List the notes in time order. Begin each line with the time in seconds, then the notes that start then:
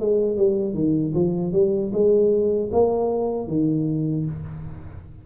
0.00 G#3
0.37 G3
0.74 D#3
1.14 F3
1.53 G3
1.93 G#3
2.72 A#3
3.48 D#3